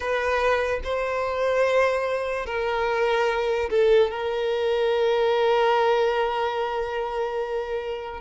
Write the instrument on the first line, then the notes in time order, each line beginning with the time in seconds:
violin
0.00 B4
0.83 C5
2.46 A#4
3.70 A4
4.10 A#4